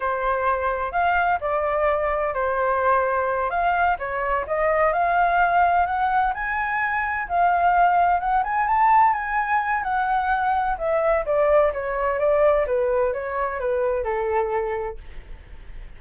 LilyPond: \new Staff \with { instrumentName = "flute" } { \time 4/4 \tempo 4 = 128 c''2 f''4 d''4~ | d''4 c''2~ c''8 f''8~ | f''8 cis''4 dis''4 f''4.~ | f''8 fis''4 gis''2 f''8~ |
f''4. fis''8 gis''8 a''4 gis''8~ | gis''4 fis''2 e''4 | d''4 cis''4 d''4 b'4 | cis''4 b'4 a'2 | }